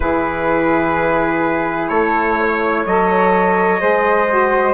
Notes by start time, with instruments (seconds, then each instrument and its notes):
0.00 bassoon E3, saxophone E4, flute G#4, trumpet B4
1.88 bassoon A3, flute A4, trumpet C#5
2.40 flute C#5
2.86 bassoon F#3, saxophone A4, trumpet D#5
3.79 bassoon G#3, saxophone G#4, flute C5
4.28 saxophone F#4